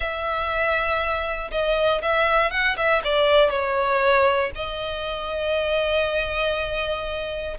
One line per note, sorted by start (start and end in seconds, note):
0.00 1.50 E5
1.51 2.01 D#5
2.01 2.50 E5
2.50 2.76 F#5
2.76 3.02 E5
3.04 3.50 D5
3.50 4.51 C#5
4.55 7.57 D#5